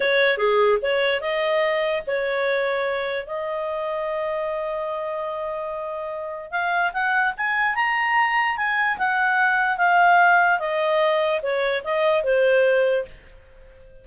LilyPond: \new Staff \with { instrumentName = "clarinet" } { \time 4/4 \tempo 4 = 147 cis''4 gis'4 cis''4 dis''4~ | dis''4 cis''2. | dis''1~ | dis''1 |
f''4 fis''4 gis''4 ais''4~ | ais''4 gis''4 fis''2 | f''2 dis''2 | cis''4 dis''4 c''2 | }